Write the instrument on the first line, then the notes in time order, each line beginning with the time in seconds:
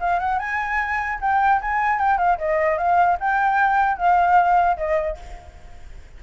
flute
0.00 F5
0.19 F#5
0.39 G#5
1.21 G5
1.61 G#5
1.99 G5
2.17 F5
2.38 D#5
2.77 F5
3.19 G5
3.97 F5
4.77 D#5